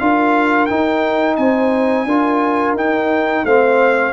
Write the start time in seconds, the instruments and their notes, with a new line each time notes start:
0.00 tuba D4, trombone F4, horn A#4, trumpet F5
0.66 trombone D#4, tuba D#4, trumpet G5
1.36 tuba C4, horn C5, trumpet G#5
2.05 tuba D4, trombone F4, horn A#4
2.75 tuba D#4, trombone D#4, trumpet G5
3.45 tuba A3, trombone C4, horn C5, trumpet F5